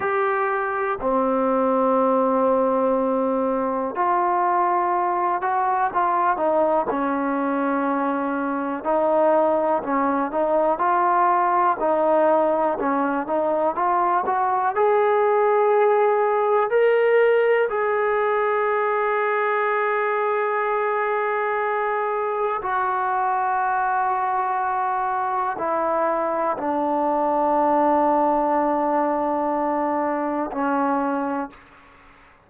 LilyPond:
\new Staff \with { instrumentName = "trombone" } { \time 4/4 \tempo 4 = 61 g'4 c'2. | f'4. fis'8 f'8 dis'8 cis'4~ | cis'4 dis'4 cis'8 dis'8 f'4 | dis'4 cis'8 dis'8 f'8 fis'8 gis'4~ |
gis'4 ais'4 gis'2~ | gis'2. fis'4~ | fis'2 e'4 d'4~ | d'2. cis'4 | }